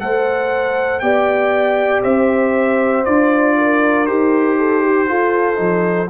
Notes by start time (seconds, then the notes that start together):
0.00 A3 A4 C5 F#5
1.00 B3 G4 D5 G5
2.03 C4 C5 E5
3.05 D4 F4 D5
3.58 A#4
4.06 D#4 G4 C5
4.58 A4
4.82 G4
5.08 F4 A4
5.56 F3 D#4